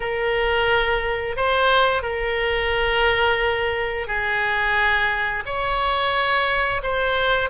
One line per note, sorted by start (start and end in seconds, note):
0.00 1.36 A#4
1.36 2.02 C5
2.02 4.07 A#4
4.07 5.43 G#4
5.45 6.82 C#5
6.82 7.49 C5